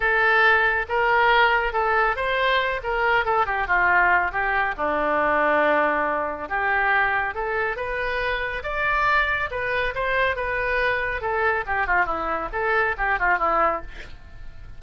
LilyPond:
\new Staff \with { instrumentName = "oboe" } { \time 4/4 \tempo 4 = 139 a'2 ais'2 | a'4 c''4. ais'4 a'8 | g'8 f'4. g'4 d'4~ | d'2. g'4~ |
g'4 a'4 b'2 | d''2 b'4 c''4 | b'2 a'4 g'8 f'8 | e'4 a'4 g'8 f'8 e'4 | }